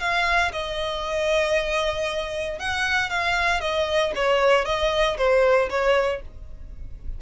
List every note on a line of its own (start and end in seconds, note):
0.00 0.52 F5
0.52 2.59 D#5
2.59 3.10 F#5
3.10 3.60 F5
3.60 4.12 D#5
4.15 4.65 C#5
4.65 5.17 D#5
5.17 5.69 C5
5.70 6.21 C#5